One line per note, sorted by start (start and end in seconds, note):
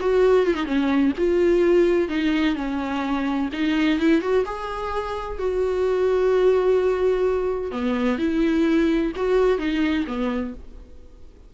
0.00 0.46 F#4
0.46 0.54 F4
0.54 0.65 D#4
0.65 1.12 C#4
1.17 2.08 F4
2.08 2.55 D#4
2.55 3.49 C#4
3.52 3.99 D#4
3.99 4.21 E4
4.21 4.44 F#4
4.45 5.38 G#4
5.38 7.71 F#4
7.71 8.18 B3
8.18 9.12 E4
9.16 9.58 F#4
9.58 10.05 D#4
10.07 10.53 B3